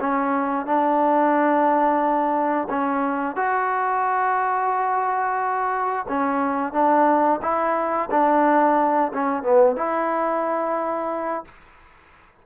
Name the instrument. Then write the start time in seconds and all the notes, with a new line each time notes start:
trombone
0.00 C#4
0.66 D4
2.69 C#4
3.36 F#4
6.08 C#4
6.72 D4
7.42 E4
8.11 D4
9.13 C#4
9.43 B3
9.76 E4